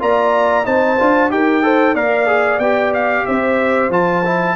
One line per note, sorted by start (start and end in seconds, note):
0.00 0.66 A#3
0.00 0.65 F4
0.00 0.67 D5
0.00 0.66 A#5
0.65 0.99 C4
0.65 0.97 D#4
0.65 1.32 C5
0.65 1.31 A5
1.00 1.31 D4
1.00 1.30 F4
1.30 1.95 D#4
1.30 1.63 G4
1.30 1.64 A#4
1.30 1.96 G5
1.63 1.96 A4
1.63 1.94 C5
1.94 2.59 A#3
1.94 2.27 A#4
1.94 3.25 D5
1.94 2.60 F5
2.27 2.60 G#4
2.59 3.24 B3
2.59 3.91 G4
2.59 2.93 G5
2.94 3.26 F5
3.26 3.90 C4
3.26 4.56 C5
3.26 3.92 E5
3.90 4.55 F3
3.90 4.24 F4
3.90 4.56 A5
4.26 4.56 E4